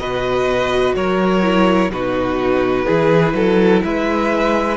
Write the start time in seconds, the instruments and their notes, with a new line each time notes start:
0.00 cello B2, viola F#4, violin B4 D#5
0.95 cello F#3, violin A#4 C#5
1.43 viola E4
1.90 cello B2, viola D#4, violin F#4 B4
2.86 cello E3, viola E4, violin G#4
3.34 cello F#3, violin A4
3.84 cello G#3, violin B4 E5